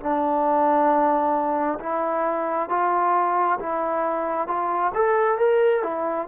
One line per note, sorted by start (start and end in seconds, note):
0.00 1.79 D4
1.80 2.69 E4
2.69 3.59 F4
3.60 4.48 E4
4.48 4.93 F4
4.95 5.39 A4
5.39 5.83 A#4
5.83 6.28 E4